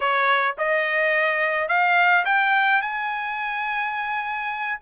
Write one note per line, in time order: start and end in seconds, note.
0.00 0.56 C#5
0.58 1.68 D#5
1.68 2.24 F5
2.25 2.81 G5
2.81 4.79 G#5